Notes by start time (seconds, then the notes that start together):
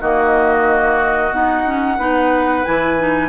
0.00 D#3 A#3 F#4 D#5
1.32 B3 D#4 F#5
1.65 C#4
1.98 B3 D#4 B4
2.64 E3 E4 G#5
2.98 D#4